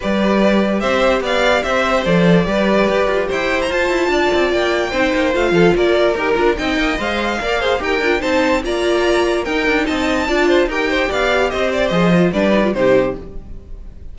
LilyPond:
<<
  \new Staff \with { instrumentName = "violin" } { \time 4/4 \tempo 4 = 146 d''2 e''4 f''4 | e''4 d''2. | g''8. ais''16 a''2 g''4~ | g''4 f''4 d''4 ais'4 |
g''4 f''2 g''4 | a''4 ais''2 g''4 | a''2 g''4 f''4 | dis''8 d''8 dis''4 d''4 c''4 | }
  \new Staff \with { instrumentName = "violin" } { \time 4/4 b'2 c''4 d''4 | c''2 b'2 | c''2 d''2 | c''4. a'8 ais'2 |
dis''2 d''8 c''8 ais'4 | c''4 d''2 ais'4 | dis''4 d''8 c''8 ais'8 c''8 d''4 | c''2 b'4 g'4 | }
  \new Staff \with { instrumentName = "viola" } { \time 4/4 g'1~ | g'4 a'4 g'2~ | g'4 f'2. | dis'4 f'2 g'8 f'8 |
dis'4 c''4 ais'8 gis'8 g'8 f'8 | dis'4 f'2 dis'4~ | dis'4 f'4 g'2~ | g'4 gis'8 f'8 d'8 dis'16 f'16 dis'4 | }
  \new Staff \with { instrumentName = "cello" } { \time 4/4 g2 c'4 b4 | c'4 f4 g4 g'8 f'8 | e'4 f'8 e'8 d'8 c'8 ais4 | c'8 ais8 a8 f8 ais4 dis'8 d'8 |
c'8 ais8 gis4 ais4 dis'8 d'8 | c'4 ais2 dis'8 d'8 | c'4 d'4 dis'4 b4 | c'4 f4 g4 c4 | }
>>